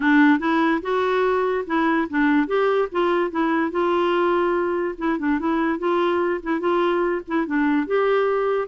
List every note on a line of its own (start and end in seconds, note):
0.00 0.39 D4
0.39 0.80 E4
0.82 1.65 F#4
1.66 2.07 E4
2.09 2.47 D4
2.47 2.88 G4
2.91 3.30 F4
3.30 3.71 E4
3.71 4.95 F4
4.98 5.18 E4
5.18 5.39 D4
5.39 5.78 E4
5.78 6.40 F4
6.43 6.60 E4
6.60 7.22 F4
7.27 7.46 E4
7.46 7.86 D4
7.86 8.68 G4